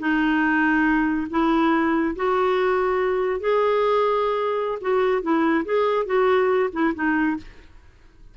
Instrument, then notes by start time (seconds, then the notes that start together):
clarinet
0.00 D#4
1.31 E4
2.16 F#4
3.41 G#4
4.81 F#4
5.23 E4
5.65 G#4
6.06 F#4
6.73 E4
6.95 D#4